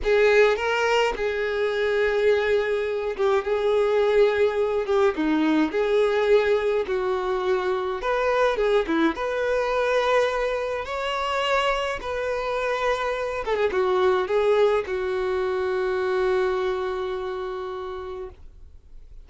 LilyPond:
\new Staff \with { instrumentName = "violin" } { \time 4/4 \tempo 4 = 105 gis'4 ais'4 gis'2~ | gis'4. g'8 gis'2~ | gis'8 g'8 dis'4 gis'2 | fis'2 b'4 gis'8 e'8 |
b'2. cis''4~ | cis''4 b'2~ b'8 a'16 gis'16 | fis'4 gis'4 fis'2~ | fis'1 | }